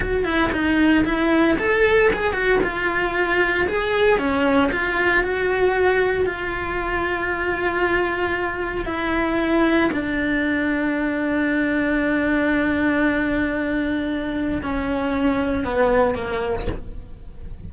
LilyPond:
\new Staff \with { instrumentName = "cello" } { \time 4/4 \tempo 4 = 115 fis'8 e'8 dis'4 e'4 a'4 | gis'8 fis'8 f'2 gis'4 | cis'4 f'4 fis'2 | f'1~ |
f'4 e'2 d'4~ | d'1~ | d'1 | cis'2 b4 ais4 | }